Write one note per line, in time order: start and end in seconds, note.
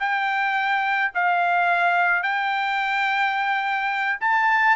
0.00 1.12 G5
1.15 2.23 F5
2.23 4.20 G5
4.21 4.77 A5